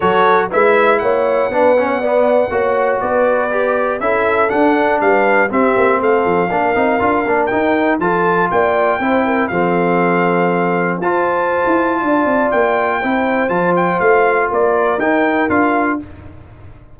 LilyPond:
<<
  \new Staff \with { instrumentName = "trumpet" } { \time 4/4 \tempo 4 = 120 cis''4 e''4 fis''2~ | fis''2 d''2 | e''4 fis''4 f''4 e''4 | f''2. g''4 |
a''4 g''2 f''4~ | f''2 a''2~ | a''4 g''2 a''8 g''8 | f''4 d''4 g''4 f''4 | }
  \new Staff \with { instrumentName = "horn" } { \time 4/4 a'4 b'4 cis''4 b'8. cis''16 | d''4 cis''4 b'2 | a'2 b'4 g'4 | a'4 ais'2. |
a'4 d''4 c''8 ais'8 a'4~ | a'2 c''2 | d''2 c''2~ | c''4 ais'2. | }
  \new Staff \with { instrumentName = "trombone" } { \time 4/4 fis'4 e'2 d'8 cis'8 | b4 fis'2 g'4 | e'4 d'2 c'4~ | c'4 d'8 dis'8 f'8 d'8 dis'4 |
f'2 e'4 c'4~ | c'2 f'2~ | f'2 e'4 f'4~ | f'2 dis'4 f'4 | }
  \new Staff \with { instrumentName = "tuba" } { \time 4/4 fis4 gis4 ais4 b4~ | b4 ais4 b2 | cis'4 d'4 g4 c'8 ais8 | a8 f8 ais8 c'8 d'8 ais8 dis'4 |
f4 ais4 c'4 f4~ | f2 f'4~ f'16 e'8. | d'8 c'8 ais4 c'4 f4 | a4 ais4 dis'4 d'4 | }
>>